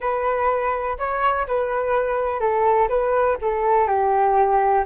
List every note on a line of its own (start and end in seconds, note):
0.00 0.97 B4
0.98 1.46 C#5
1.47 2.40 B4
2.40 2.88 A4
2.88 3.37 B4
3.41 3.87 A4
3.87 4.84 G4